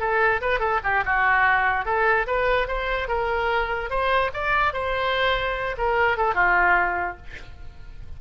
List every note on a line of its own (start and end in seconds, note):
0.00 0.41 A4
0.42 0.60 B4
0.60 0.81 A4
0.84 1.04 G4
1.06 1.86 F#4
1.86 2.27 A4
2.27 2.68 B4
2.68 3.08 C5
3.08 3.90 A#4
3.90 4.31 C5
4.34 4.74 D5
4.74 5.76 C5
5.78 6.18 A#4
6.18 6.35 A4
6.35 7.17 F4